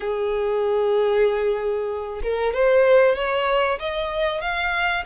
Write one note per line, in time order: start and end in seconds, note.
0.00 2.21 G#4
2.22 2.53 A#4
2.53 3.16 C5
3.16 3.79 C#5
3.79 4.41 D#5
4.41 5.04 F5